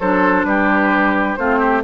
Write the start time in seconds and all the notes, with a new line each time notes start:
0.00 F#3 D4 A4 C5
0.44 G3 G4 B4
1.36 A3 C4 F4 C5
1.59 G4